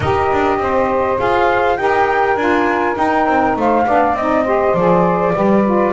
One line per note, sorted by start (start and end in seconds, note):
0.00 0.30 D#4
0.00 1.17 G4
0.00 0.59 A#4
0.00 1.19 D#5
0.32 0.58 D4
0.58 1.17 C4
0.58 1.79 C5
1.17 1.78 F4
1.17 1.76 G#4
1.17 1.76 F5
1.76 2.36 D#4
1.76 2.36 G4
1.76 3.58 A#4
1.76 2.36 G5
2.36 2.95 D4
2.36 2.94 F4
2.36 2.95 G#5
2.94 3.83 D#4
2.94 3.26 D#4
2.94 3.56 G5
3.26 3.56 C4
3.56 3.86 A3
3.56 3.85 C5
3.56 4.16 F5
3.85 4.14 B3
3.85 4.16 D4
3.85 4.44 D5
4.14 4.73 C4
4.14 4.46 D#4
4.14 4.74 D#5
4.44 4.75 G4
4.44 5.33 C5
4.74 5.33 F3
4.74 5.34 G#4
4.74 5.93 D5
5.34 5.93 G3
5.34 5.64 G4
5.34 5.93 B4
5.64 5.93 F4